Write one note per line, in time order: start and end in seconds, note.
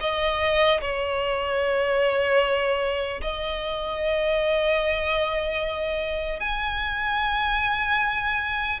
0.00 0.80 D#5
0.80 3.20 C#5
3.21 6.40 D#5
6.40 8.80 G#5